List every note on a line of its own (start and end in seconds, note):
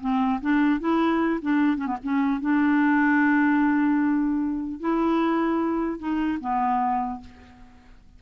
0.00 0.40 C4
0.41 0.79 D4
0.79 1.39 E4
1.41 1.77 D4
1.77 1.87 C#4
1.87 1.97 B3
2.03 2.41 C#4
2.41 4.80 D4
4.80 5.99 E4
5.99 6.39 D#4
6.40 7.20 B3